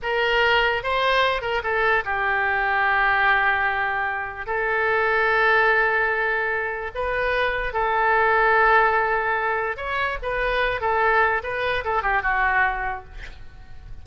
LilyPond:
\new Staff \with { instrumentName = "oboe" } { \time 4/4 \tempo 4 = 147 ais'2 c''4. ais'8 | a'4 g'2.~ | g'2. a'4~ | a'1~ |
a'4 b'2 a'4~ | a'1 | cis''4 b'4. a'4. | b'4 a'8 g'8 fis'2 | }